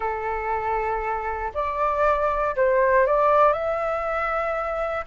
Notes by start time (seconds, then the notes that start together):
0.00 A4
1.54 D5
2.56 C5
3.06 D5
3.52 E5